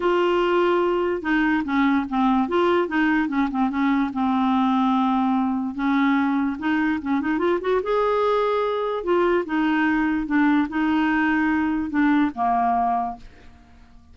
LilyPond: \new Staff \with { instrumentName = "clarinet" } { \time 4/4 \tempo 4 = 146 f'2. dis'4 | cis'4 c'4 f'4 dis'4 | cis'8 c'8 cis'4 c'2~ | c'2 cis'2 |
dis'4 cis'8 dis'8 f'8 fis'8 gis'4~ | gis'2 f'4 dis'4~ | dis'4 d'4 dis'2~ | dis'4 d'4 ais2 | }